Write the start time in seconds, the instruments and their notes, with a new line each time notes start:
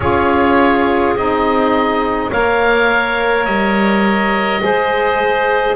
0.00 double bass C#4, saxophone F4, clarinet G#4, oboe C#5
1.15 double bass C4, saxophone D#4, oboe D#5
2.31 double bass A#3, saxophone A#4, clarinet C#5, oboe F5
3.45 double bass G3, oboe D#5
4.60 double bass G#3, saxophone G#4, clarinet C5